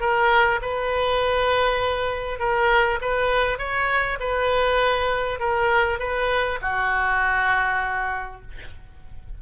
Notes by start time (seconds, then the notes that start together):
0.00 A#4
0.61 B4
2.39 A#4
3.01 B4
3.58 C#5
4.19 B4
5.39 A#4
5.99 B4
6.61 F#4